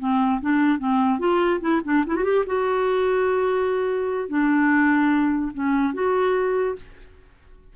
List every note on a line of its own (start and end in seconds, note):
0.00 0.41 C4
0.42 0.79 D4
0.79 1.20 C4
1.20 1.61 F4
1.61 1.82 E4
1.85 2.05 D4
2.07 2.16 E4
2.16 2.25 F#4
2.25 2.45 G4
2.47 4.29 F#4
4.29 5.53 D4
5.54 5.94 C#4
5.94 6.76 F#4